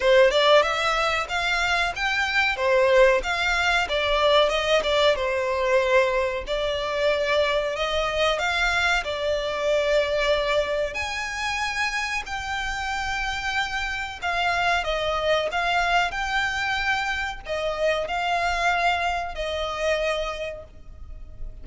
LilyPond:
\new Staff \with { instrumentName = "violin" } { \time 4/4 \tempo 4 = 93 c''8 d''8 e''4 f''4 g''4 | c''4 f''4 d''4 dis''8 d''8 | c''2 d''2 | dis''4 f''4 d''2~ |
d''4 gis''2 g''4~ | g''2 f''4 dis''4 | f''4 g''2 dis''4 | f''2 dis''2 | }